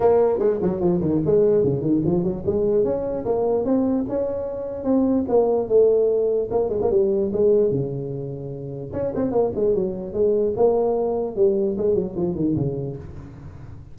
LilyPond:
\new Staff \with { instrumentName = "tuba" } { \time 4/4 \tempo 4 = 148 ais4 gis8 fis8 f8 dis8 gis4 | cis8 dis8 f8 fis8 gis4 cis'4 | ais4 c'4 cis'2 | c'4 ais4 a2 |
ais8 gis16 ais16 g4 gis4 cis4~ | cis2 cis'8 c'8 ais8 gis8 | fis4 gis4 ais2 | g4 gis8 fis8 f8 dis8 cis4 | }